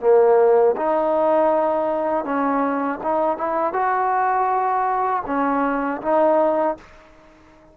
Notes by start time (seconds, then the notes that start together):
0.00 A#3
0.76 D#4
2.24 C#4
3.02 D#4
3.37 E4
3.73 F#4
5.26 C#4
6.02 D#4